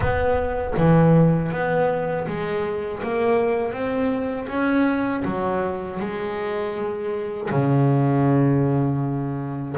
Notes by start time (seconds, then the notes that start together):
0.00 B3
0.77 E3
1.51 B3
2.27 G#3
3.02 A#3
3.72 C4
4.48 C#4
5.24 F#3
5.99 G#3
7.50 C#3